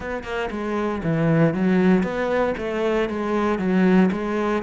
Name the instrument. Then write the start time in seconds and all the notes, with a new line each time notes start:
cello
0.00 B3
0.23 A#3
0.50 G#3
1.03 E3
1.54 F#3
2.03 B3
2.57 A3
3.09 G#3
3.59 F#3
4.11 G#3